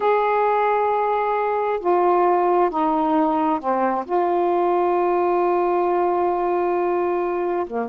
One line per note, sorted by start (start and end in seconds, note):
0.00 1.79 G#4
1.79 2.70 F4
2.70 3.59 D#4
3.59 4.04 C4
4.05 7.66 F4
7.66 7.89 A#3